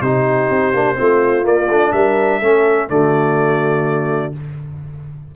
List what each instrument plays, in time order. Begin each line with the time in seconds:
0.00 tuba C3, trombone D#4, horn G4, trumpet C5
0.49 tuba C4
0.73 tuba A#3, trombone D4
0.95 tuba A3, trombone C4, horn F4
1.43 trombone A#3, tuba A#3, trumpet D5
1.68 tuba A3, trombone D4
1.92 tuba G3, horn A#4, trumpet E5
2.40 tuba A3, trombone C#4, horn A4
2.89 tuba D3, trombone A3, horn F#4, trumpet D5